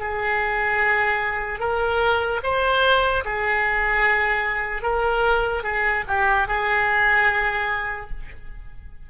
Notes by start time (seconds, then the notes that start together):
0.00 G#4
1.60 A#4
2.44 C5
3.25 G#4
4.83 A#4
5.64 G#4
6.08 G4
6.48 G#4